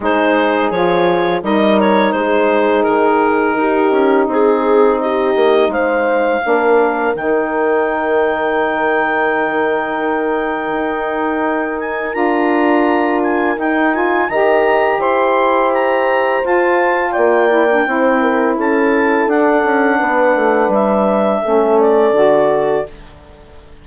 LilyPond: <<
  \new Staff \with { instrumentName = "clarinet" } { \time 4/4 \tempo 4 = 84 c''4 cis''4 dis''8 cis''8 c''4 | ais'2 gis'4 dis''4 | f''2 g''2~ | g''1~ |
g''8 gis''8 ais''4. gis''8 g''8 gis''8 | ais''4 c'''4 ais''4 a''4 | g''2 a''4 fis''4~ | fis''4 e''4. d''4. | }
  \new Staff \with { instrumentName = "horn" } { \time 4/4 gis'2 ais'4 gis'4~ | gis'4 g'4 gis'4 g'4 | c''4 ais'2.~ | ais'1~ |
ais'1 | dis''4 c''2. | d''4 c''8 ais'8 a'2 | b'2 a'2 | }
  \new Staff \with { instrumentName = "saxophone" } { \time 4/4 dis'4 f'4 dis'2~ | dis'1~ | dis'4 d'4 dis'2~ | dis'1~ |
dis'4 f'2 dis'8 f'8 | g'2. f'4~ | f'8 e'16 d'16 e'2 d'4~ | d'2 cis'4 fis'4 | }
  \new Staff \with { instrumentName = "bassoon" } { \time 4/4 gis4 f4 g4 gis4 | dis4 dis'8 cis'8 c'4. ais8 | gis4 ais4 dis2~ | dis2. dis'4~ |
dis'4 d'2 dis'4 | dis4 e'2 f'4 | ais4 c'4 cis'4 d'8 cis'8 | b8 a8 g4 a4 d4 | }
>>